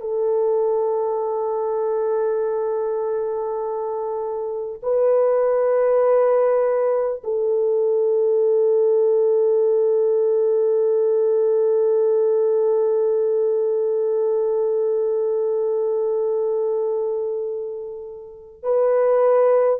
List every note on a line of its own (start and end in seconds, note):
0.00 4.80 A4
4.82 7.22 B4
7.24 18.63 A4
18.63 19.80 B4